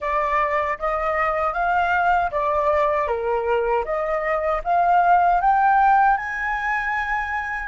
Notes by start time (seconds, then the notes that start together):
0.00 D5
0.78 D#5
1.53 F5
2.31 D5
3.07 A#4
3.84 D#5
4.64 F5
5.41 G5
6.17 G#5